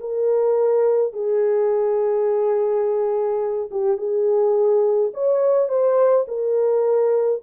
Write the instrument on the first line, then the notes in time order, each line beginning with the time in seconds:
horn
0.00 A#4
1.12 G#4
3.71 G4
3.97 G#4
5.14 C#5
5.68 C5
6.28 A#4